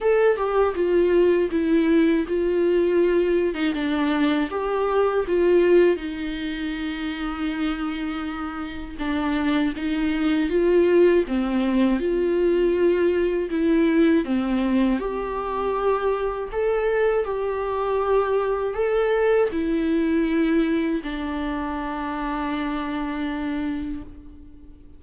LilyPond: \new Staff \with { instrumentName = "viola" } { \time 4/4 \tempo 4 = 80 a'8 g'8 f'4 e'4 f'4~ | f'8. dis'16 d'4 g'4 f'4 | dis'1 | d'4 dis'4 f'4 c'4 |
f'2 e'4 c'4 | g'2 a'4 g'4~ | g'4 a'4 e'2 | d'1 | }